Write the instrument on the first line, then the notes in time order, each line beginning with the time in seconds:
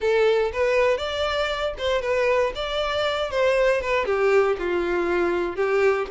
violin
0.00 A4
0.52 B4
0.97 D5
1.78 C5
2.01 B4
2.55 D5
3.30 C5
3.81 B4
4.05 G4
4.58 F4
5.55 G4